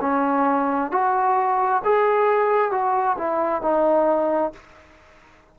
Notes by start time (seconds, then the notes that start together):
0.00 C#4
0.91 F#4
1.84 G#4
2.71 F#4
3.18 E4
3.61 D#4